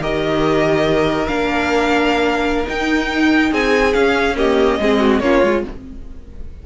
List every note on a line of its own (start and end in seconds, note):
0.00 1.28 D#3
0.00 1.28 G4
0.00 3.51 A#4
0.00 1.28 D#5
1.28 2.67 A#3
1.28 2.65 D4
1.28 2.66 F5
2.65 3.92 D#4
2.65 3.52 D#4
2.65 3.54 G5
3.51 3.95 C4
3.51 4.36 G#4
3.51 3.94 G#5
3.94 4.37 C#4
3.94 4.80 C#4
3.94 4.36 F5
4.37 4.79 A#3
4.37 4.80 G4
4.37 5.20 D#5
4.80 5.21 G#3
4.80 5.23 C4
4.80 5.00 G#4
5.00 5.22 F#4
5.20 5.42 A#3
5.20 5.44 C#4
5.20 5.66 F4
5.20 5.63 C#5
5.43 5.65 G#3
5.43 5.67 F4